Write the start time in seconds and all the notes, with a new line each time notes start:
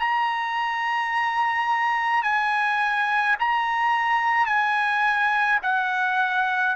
0.00 A#5
2.23 G#5
3.40 A#5
4.47 G#5
5.63 F#5